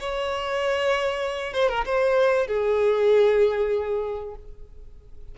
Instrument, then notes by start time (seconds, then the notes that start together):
violin
0.00 C#5
1.54 C5
1.69 A#4
1.86 C5
2.48 G#4